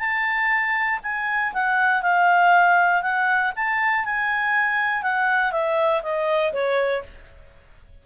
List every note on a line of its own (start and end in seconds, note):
0.00 1.00 A5
1.04 1.54 G#5
1.54 2.03 F#5
2.03 3.02 F5
3.02 3.52 F#5
3.56 4.05 A5
4.05 5.03 G#5
5.03 5.52 F#5
5.52 6.02 E5
6.03 6.53 D#5
6.53 7.03 C#5